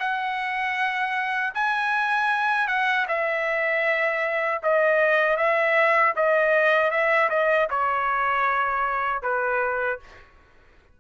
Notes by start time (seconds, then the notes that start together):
0.00 F#5
1.54 G#5
2.67 F#5
3.08 E5
4.63 D#5
5.37 E5
6.16 D#5
6.91 E5
7.30 D#5
7.70 C#5
9.23 B4